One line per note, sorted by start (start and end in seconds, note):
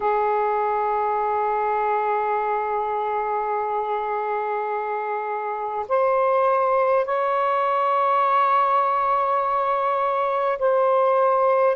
0.00 5.86 G#4
5.88 7.05 C5
7.05 10.58 C#5
10.59 11.76 C5